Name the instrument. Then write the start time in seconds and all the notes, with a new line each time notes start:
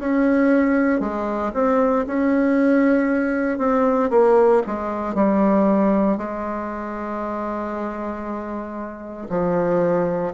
bassoon
0.00 C#4
1.01 G#3
1.54 C4
2.07 C#4
3.59 C4
4.11 A#3
4.67 G#3
5.15 G3
6.18 G#3
9.30 F3